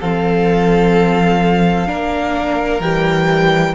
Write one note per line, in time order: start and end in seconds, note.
0.00 1.89 F3
0.00 1.87 C4
0.00 1.87 A4
0.00 2.81 F5
1.87 2.80 A#3
1.87 2.80 D4
1.87 3.75 A#4
2.80 3.74 E3
2.80 3.75 G3
2.80 3.74 G5